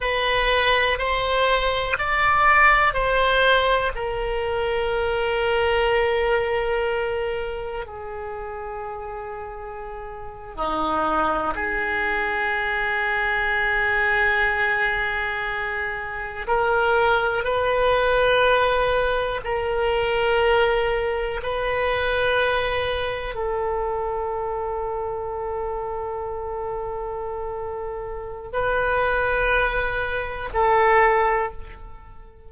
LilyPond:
\new Staff \with { instrumentName = "oboe" } { \time 4/4 \tempo 4 = 61 b'4 c''4 d''4 c''4 | ais'1 | gis'2~ gis'8. dis'4 gis'16~ | gis'1~ |
gis'8. ais'4 b'2 ais'16~ | ais'4.~ ais'16 b'2 a'16~ | a'1~ | a'4 b'2 a'4 | }